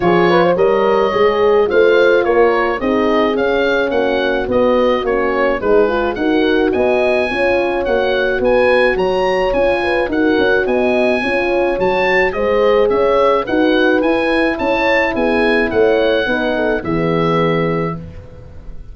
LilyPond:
<<
  \new Staff \with { instrumentName = "oboe" } { \time 4/4 \tempo 4 = 107 cis''4 dis''2 f''4 | cis''4 dis''4 f''4 fis''4 | dis''4 cis''4 b'4 fis''4 | gis''2 fis''4 gis''4 |
ais''4 gis''4 fis''4 gis''4~ | gis''4 a''4 dis''4 e''4 | fis''4 gis''4 a''4 gis''4 | fis''2 e''2 | }
  \new Staff \with { instrumentName = "horn" } { \time 4/4 gis'8 b'16 c''16 cis''2 c''4 | ais'4 gis'2 fis'4~ | fis'2 gis'4 ais'4 | dis''4 cis''2 b'4 |
cis''4. b'8 ais'4 dis''4 | cis''2 c''4 cis''4 | b'2 cis''4 gis'4 | cis''4 b'8 a'8 gis'2 | }
  \new Staff \with { instrumentName = "horn" } { \time 4/4 f'4 ais'4 gis'4 f'4~ | f'4 dis'4 cis'2 | b4 cis'4 dis'8 f'8 fis'4~ | fis'4 f'4 fis'2~ |
fis'4 f'4 fis'2 | f'4 fis'4 gis'2 | fis'4 e'2.~ | e'4 dis'4 b2 | }
  \new Staff \with { instrumentName = "tuba" } { \time 4/4 f4 g4 gis4 a4 | ais4 c'4 cis'4 ais4 | b4 ais4 gis4 dis'4 | b4 cis'4 ais4 b4 |
fis4 cis'4 dis'8 cis'8 b4 | cis'4 fis4 gis4 cis'4 | dis'4 e'4 cis'4 b4 | a4 b4 e2 | }
>>